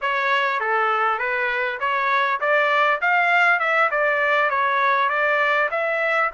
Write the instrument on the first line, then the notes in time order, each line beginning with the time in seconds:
trumpet
0.01 C#5
0.60 A4
1.18 B4
1.80 C#5
2.40 D5
3.01 F5
3.59 E5
3.90 D5
4.50 C#5
5.09 D5
5.71 E5